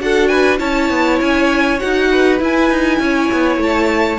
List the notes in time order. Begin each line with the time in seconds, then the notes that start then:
0.00 D4 F#4 A4 F#5
0.28 B4 G#5
0.59 C#4 E4 C#5 A5
0.90 B3
1.22 C#4 G#5
1.80 D#4 F#4 F#5
2.11 B4
2.39 E4 G#5
2.70 D#4
3.00 C#4 C#5
3.32 B3
3.58 A3 A5